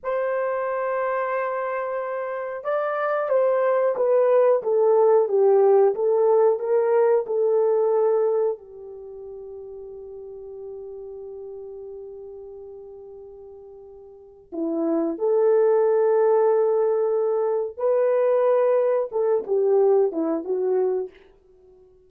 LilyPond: \new Staff \with { instrumentName = "horn" } { \time 4/4 \tempo 4 = 91 c''1 | d''4 c''4 b'4 a'4 | g'4 a'4 ais'4 a'4~ | a'4 g'2.~ |
g'1~ | g'2 e'4 a'4~ | a'2. b'4~ | b'4 a'8 g'4 e'8 fis'4 | }